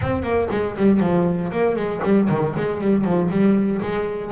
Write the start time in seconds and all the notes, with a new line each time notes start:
0.01 C4
0.22 A#3
0.50 G#3
0.76 G3
1.00 F3
1.51 A#3
1.75 G#3
2.03 G3
2.29 D#3
2.56 G#3
2.80 G3
3.04 F3
3.30 G3
3.81 G#3